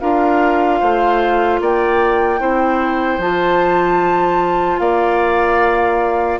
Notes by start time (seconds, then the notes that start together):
0.00 D4 F4 A#4 F5
0.80 A3 C5
1.61 A#3 D5 G5
2.40 C4 E4 C5
3.18 F3 F4 A5
4.79 A#3 D5 F5